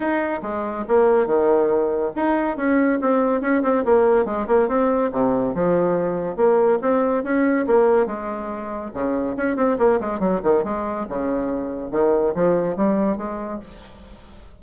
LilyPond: \new Staff \with { instrumentName = "bassoon" } { \time 4/4 \tempo 4 = 141 dis'4 gis4 ais4 dis4~ | dis4 dis'4 cis'4 c'4 | cis'8 c'8 ais4 gis8 ais8 c'4 | c4 f2 ais4 |
c'4 cis'4 ais4 gis4~ | gis4 cis4 cis'8 c'8 ais8 gis8 | fis8 dis8 gis4 cis2 | dis4 f4 g4 gis4 | }